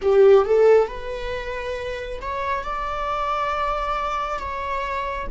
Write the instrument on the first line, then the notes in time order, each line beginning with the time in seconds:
viola
0.01 G4
0.45 A4
0.87 B4
2.21 C#5
2.63 D5
4.38 C#5